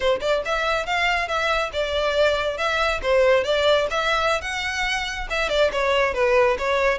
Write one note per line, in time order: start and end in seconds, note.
0.00 0.20 C5
0.21 0.42 D5
0.45 0.86 E5
0.86 1.27 F5
1.27 1.71 E5
1.72 2.57 D5
2.57 3.00 E5
3.02 3.44 C5
3.44 3.87 D5
3.90 4.41 E5
4.41 5.27 F#5
5.29 5.49 E5
5.49 5.70 D5
5.72 6.14 C#5
6.14 6.57 B4
6.58 6.98 C#5